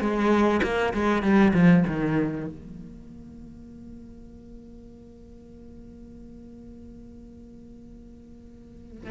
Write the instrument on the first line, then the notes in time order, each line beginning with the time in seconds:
cello
0.00 G#3
0.63 A#3
0.93 G#3
1.22 G3
1.53 F3
1.87 D#3
2.47 A#3